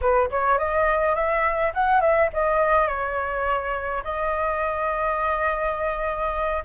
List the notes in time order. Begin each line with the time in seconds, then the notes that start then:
0.01 B4
0.30 C#5
0.58 D#5
1.15 E5
1.74 F#5
2.01 E5
2.33 D#5
2.87 C#5
4.04 D#5